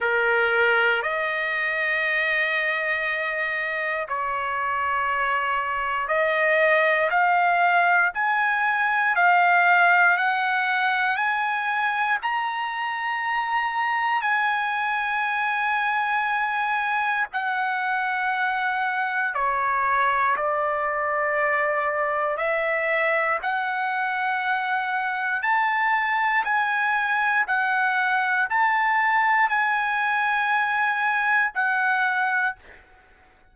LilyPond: \new Staff \with { instrumentName = "trumpet" } { \time 4/4 \tempo 4 = 59 ais'4 dis''2. | cis''2 dis''4 f''4 | gis''4 f''4 fis''4 gis''4 | ais''2 gis''2~ |
gis''4 fis''2 cis''4 | d''2 e''4 fis''4~ | fis''4 a''4 gis''4 fis''4 | a''4 gis''2 fis''4 | }